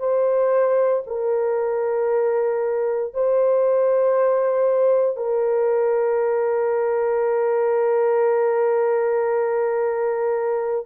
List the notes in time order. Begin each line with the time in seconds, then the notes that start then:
0.00 C5
1.07 A#4
3.14 C5
5.17 A#4